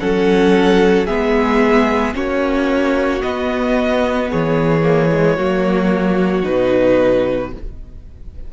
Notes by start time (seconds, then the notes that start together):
0.00 F#3 C#4 A4 F#5
1.06 G#3 B3 G#4 E5
2.13 A#3 C#4 F#4 C#5
3.21 B3 D#5
4.29 E3 G#4 C#5
4.82 A#3
5.11 G#3
5.36 F#3 A#3 F#4
6.43 B2 D#4 B4